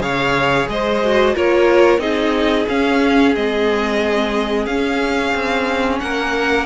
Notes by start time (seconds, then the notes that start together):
0.00 C#3 G#4 C#5 F5
0.69 G#3 C5 D#5
1.04 F#4
1.35 A#3 F4 A#4 C#5
1.99 C4 D#4 G#4 D#5
2.69 C#4 F5
3.35 G#3 C4 D#5
4.66 C#4 F5
5.34 C4
6.00 A#3 A#4 F#5